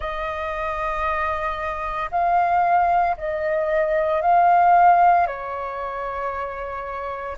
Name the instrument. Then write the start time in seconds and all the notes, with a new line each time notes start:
flute
0.00 D#5
2.11 F5
3.17 D#5
4.21 F5
5.26 C#5